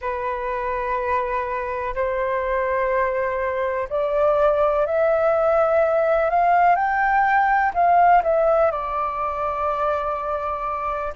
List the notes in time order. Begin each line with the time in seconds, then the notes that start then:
0.00 B4
1.94 C5
3.89 D5
4.86 E5
6.29 F5
6.75 G5
7.74 F5
8.23 E5
8.71 D5